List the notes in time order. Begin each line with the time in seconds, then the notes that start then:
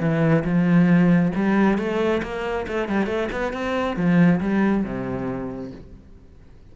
0.00 E3
0.44 F3
1.35 G3
1.78 A3
2.23 A#3
2.68 A3
2.88 G3
3.06 A3
3.32 B3
3.53 C4
3.97 F3
4.41 G3
4.84 C3